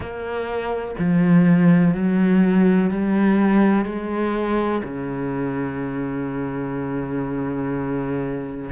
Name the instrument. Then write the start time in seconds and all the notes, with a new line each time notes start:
cello
0.00 A#3
0.99 F3
1.94 F#3
2.90 G3
3.84 G#3
4.83 C#3